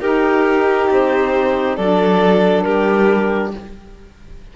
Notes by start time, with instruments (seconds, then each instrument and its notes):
0.00 cello D#4, saxophone D#4, violin G4, clarinet A#4
0.90 cello C4, clarinet C5
1.76 cello F#3, saxophone D4, violin A4, clarinet D5
2.62 cello G3, violin G4, clarinet A#4